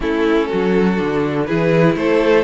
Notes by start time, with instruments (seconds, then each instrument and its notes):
0.00 cello A3, viola C#4, violin E4 A4
0.48 cello F#3, violin F#4
0.96 cello D3, viola D4
1.45 cello E3, viola E4, violin G#4 B4
1.95 cello A3, violin A4 C5